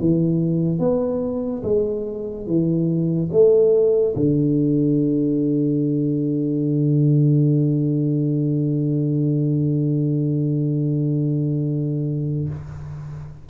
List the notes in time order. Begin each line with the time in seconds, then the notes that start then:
0.00 E3
0.79 B3
1.63 G#3
2.47 E3
3.32 A3
4.16 D3